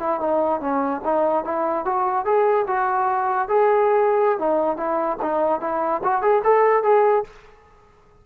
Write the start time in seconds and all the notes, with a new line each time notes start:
0.00 E4
0.21 D#4
0.61 C#4
1.05 D#4
1.45 E4
1.86 F#4
2.26 G#4
2.67 F#4
3.49 G#4
4.39 D#4
4.77 E4
5.22 D#4
5.61 E4
6.04 F#4
6.22 G#4
6.44 A4
6.83 G#4